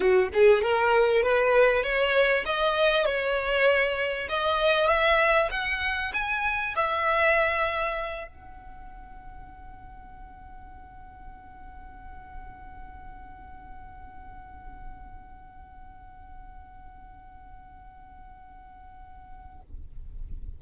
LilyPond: \new Staff \with { instrumentName = "violin" } { \time 4/4 \tempo 4 = 98 fis'8 gis'8 ais'4 b'4 cis''4 | dis''4 cis''2 dis''4 | e''4 fis''4 gis''4 e''4~ | e''4. fis''2~ fis''8~ |
fis''1~ | fis''1~ | fis''1~ | fis''1 | }